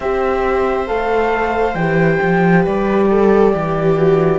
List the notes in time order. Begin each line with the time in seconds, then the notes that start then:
0.00 C4 G4 C5 E5
0.87 A3 A4 F5
1.74 E3 G4 G5
2.22 F3
2.62 G3 B4 D5
3.10 A4
3.53 E3 G4
3.96 F#4